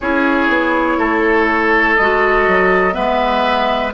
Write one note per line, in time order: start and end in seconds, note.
0.00 0.48 C#4
0.00 1.98 E4
0.00 0.98 G#4
0.00 1.96 C#5
0.48 0.97 B3
0.98 1.96 A3
0.98 2.94 A4
1.96 2.47 G#3
1.96 2.91 F#4
1.96 2.93 D#5
2.47 2.96 F#3
2.91 3.94 G#3
2.91 3.90 B3
2.91 3.92 B4
2.91 3.91 E5